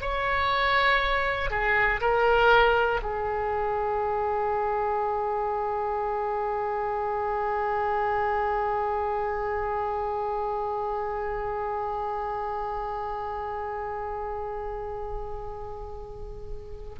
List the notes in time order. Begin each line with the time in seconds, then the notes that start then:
0.00 C#5
1.50 G#4
2.00 A#4
3.02 G#4